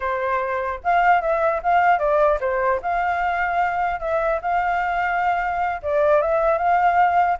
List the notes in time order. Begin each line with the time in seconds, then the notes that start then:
0.00 C5
0.83 F5
1.21 E5
1.62 F5
1.99 D5
2.40 C5
2.81 F5
3.99 E5
4.41 F5
5.82 D5
6.21 E5
6.58 F5